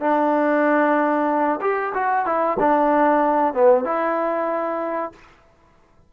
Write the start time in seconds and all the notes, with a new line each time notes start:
0.00 D4
1.60 G4
1.94 F#4
2.25 E4
2.59 D4
3.54 B3
3.84 E4